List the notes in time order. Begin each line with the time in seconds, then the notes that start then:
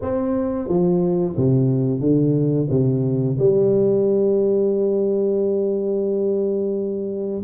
0.01 C4
0.68 F3
1.37 C3
2.00 D3
2.70 C3
3.38 G3